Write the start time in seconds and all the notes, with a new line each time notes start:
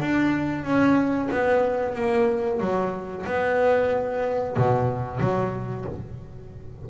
0.00 D4
0.64 C#4
1.31 B3
1.95 A#3
2.60 F#3
3.26 B3
4.57 B2
5.20 F#3